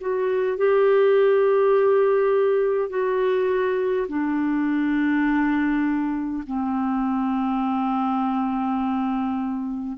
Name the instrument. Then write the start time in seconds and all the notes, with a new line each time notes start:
clarinet
0.00 F#4
0.57 G4
2.89 F#4
4.07 D4
6.46 C4